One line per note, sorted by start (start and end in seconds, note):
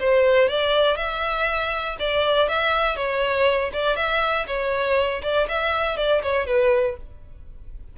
0.00 0.49 C5
0.49 0.97 D5
0.97 1.97 E5
2.00 2.49 D5
2.49 2.96 E5
2.96 3.71 C#5
3.73 3.96 D5
3.96 4.46 E5
4.47 5.22 C#5
5.22 5.47 D5
5.48 5.97 E5
5.97 6.22 D5
6.22 6.47 C#5
6.47 6.97 B4